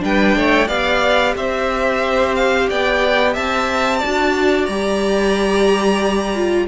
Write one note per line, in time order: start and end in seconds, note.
0.00 0.36 G3
0.00 0.67 D4
0.00 0.37 B4
0.00 0.68 G5
0.36 0.68 A3
0.36 0.68 C#5
0.68 1.35 B3
0.68 4.01 G4
0.68 1.34 D5
0.68 1.35 F5
1.35 2.69 C4
1.35 2.70 C5
1.35 2.36 E5
2.36 2.69 F5
2.70 3.37 B3
2.70 3.33 D5
2.70 3.35 G5
3.33 4.03 C4
3.33 3.99 E5
3.33 4.66 A5
3.99 4.70 F#4
3.99 6.65 D5
4.05 4.68 D4
4.66 6.68 G3
4.66 6.36 G4
4.66 6.66 A#5
6.36 6.68 F4